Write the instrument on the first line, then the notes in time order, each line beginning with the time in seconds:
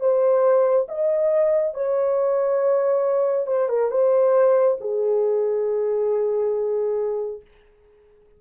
horn
0.00 C5
0.89 D#5
1.74 C#5
3.47 C5
3.69 A#4
3.91 C5
4.81 G#4